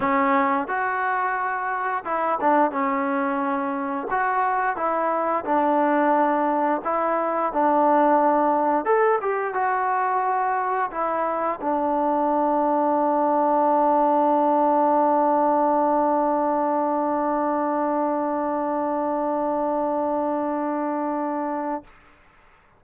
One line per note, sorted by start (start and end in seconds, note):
0.00 0.67 C#4
0.67 2.03 F#4
2.04 2.38 E4
2.40 2.71 D4
2.71 4.07 C#4
4.10 4.76 F#4
4.76 5.44 E4
5.45 6.81 D4
6.84 7.52 E4
7.52 8.85 D4
8.85 9.19 A4
9.21 9.54 G4
9.54 10.90 F#4
10.91 11.59 E4
11.61 21.84 D4